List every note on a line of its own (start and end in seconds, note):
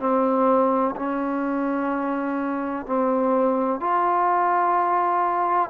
0.00 0.95 C4
0.96 2.86 C#4
2.87 3.81 C4
3.81 5.70 F4